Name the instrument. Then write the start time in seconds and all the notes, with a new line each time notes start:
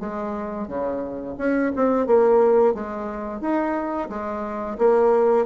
bassoon
0.00 G#3
0.68 C#3
1.38 C#4
1.76 C4
2.07 A#3
2.75 G#3
3.41 D#4
4.10 G#3
4.79 A#3